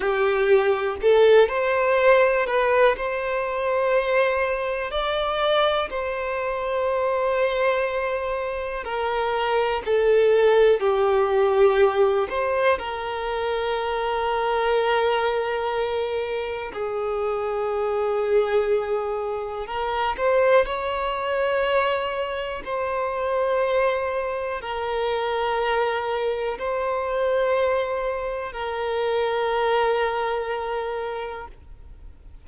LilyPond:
\new Staff \with { instrumentName = "violin" } { \time 4/4 \tempo 4 = 61 g'4 a'8 c''4 b'8 c''4~ | c''4 d''4 c''2~ | c''4 ais'4 a'4 g'4~ | g'8 c''8 ais'2.~ |
ais'4 gis'2. | ais'8 c''8 cis''2 c''4~ | c''4 ais'2 c''4~ | c''4 ais'2. | }